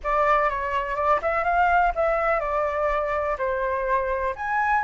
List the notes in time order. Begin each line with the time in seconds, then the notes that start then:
0.03 D5
0.49 C#5
0.95 D5
1.21 E5
1.43 F5
1.95 E5
2.40 D5
3.38 C5
4.35 G#5